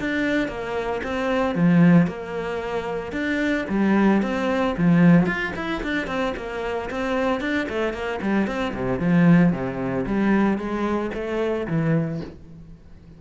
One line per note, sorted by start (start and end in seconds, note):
0.00 0.48 D4
0.48 1.01 A#3
1.03 1.54 C4
1.54 2.07 F3
2.07 3.12 A#3
3.12 3.65 D4
3.69 4.22 G3
4.22 4.75 C4
4.77 5.26 F3
5.26 5.52 F4
5.55 5.82 E4
5.83 6.07 D4
6.07 6.33 C4
6.36 6.89 A#3
6.90 7.40 C4
7.40 7.67 D4
7.69 7.93 A3
7.93 8.19 A#3
8.21 8.47 G3
8.47 8.73 C4
8.74 8.99 C3
8.99 9.52 F3
9.52 10.05 C3
10.06 10.57 G3
10.57 11.10 G#3
11.14 11.67 A3
11.67 12.20 E3